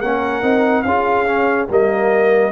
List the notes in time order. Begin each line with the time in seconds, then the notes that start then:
0.00 A#3 C#4 A#4 F#5
0.42 C4 D#4
0.82 C#4 F4 G#4 F5
1.26 C#4
1.69 G3 A#3 A#4 D#5